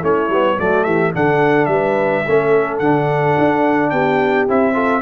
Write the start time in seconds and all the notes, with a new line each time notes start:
0.00 A3 C#4 E4 C#5
0.29 G3 B3
0.59 F#3 A3 F#4 D5
0.84 E3 G4 E5
1.13 D3 D4 A4 F#5
1.65 G3 B4 E5
2.25 A3 C#4 A4
2.78 D3 D4 F#5
3.38 D4
3.89 B3 G4 G5
4.48 C4 E4 E5
4.73 F4 A4